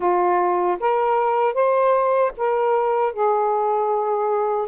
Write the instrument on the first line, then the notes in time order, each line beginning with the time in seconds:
saxophone
0.00 F4
0.80 A#4
1.54 C5
2.37 A#4
3.13 G#4